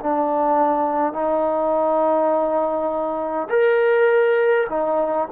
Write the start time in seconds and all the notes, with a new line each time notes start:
0.00 D4
1.13 D#4
3.50 A#4
4.70 D#4